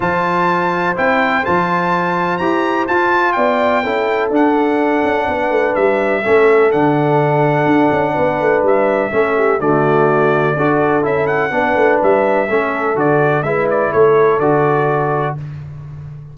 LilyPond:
<<
  \new Staff \with { instrumentName = "trumpet" } { \time 4/4 \tempo 4 = 125 a''2 g''4 a''4~ | a''4 ais''4 a''4 g''4~ | g''4 fis''2. | e''2 fis''2~ |
fis''2 e''2 | d''2. e''8 fis''8~ | fis''4 e''2 d''4 | e''8 d''8 cis''4 d''2 | }
  \new Staff \with { instrumentName = "horn" } { \time 4/4 c''1~ | c''2. d''4 | a'2. b'4~ | b'4 a'2.~ |
a'4 b'2 a'8 g'8 | fis'2 a'2 | b'2 a'2 | b'4 a'2. | }
  \new Staff \with { instrumentName = "trombone" } { \time 4/4 f'2 e'4 f'4~ | f'4 g'4 f'2 | e'4 d'2.~ | d'4 cis'4 d'2~ |
d'2. cis'4 | a2 fis'4 e'4 | d'2 cis'4 fis'4 | e'2 fis'2 | }
  \new Staff \with { instrumentName = "tuba" } { \time 4/4 f2 c'4 f4~ | f4 e'4 f'4 b4 | cis'4 d'4. cis'8 b8 a8 | g4 a4 d2 |
d'8 cis'8 b8 a8 g4 a4 | d2 d'4 cis'4 | b8 a8 g4 a4 d4 | gis4 a4 d2 | }
>>